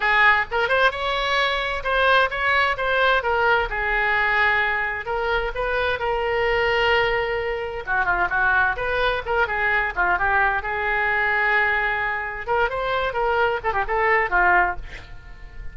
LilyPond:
\new Staff \with { instrumentName = "oboe" } { \time 4/4 \tempo 4 = 130 gis'4 ais'8 c''8 cis''2 | c''4 cis''4 c''4 ais'4 | gis'2. ais'4 | b'4 ais'2.~ |
ais'4 fis'8 f'8 fis'4 b'4 | ais'8 gis'4 f'8 g'4 gis'4~ | gis'2. ais'8 c''8~ | c''8 ais'4 a'16 g'16 a'4 f'4 | }